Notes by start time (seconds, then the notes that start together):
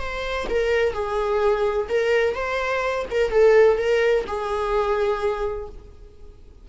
0.00 C5
0.49 A#4
0.93 G#4
1.89 A#4
2.35 C5
3.11 A#4
3.31 A4
3.78 A#4
4.27 G#4